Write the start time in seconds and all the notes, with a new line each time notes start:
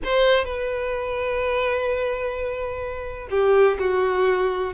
0.04 C5
0.44 B4
3.30 G4
3.79 F#4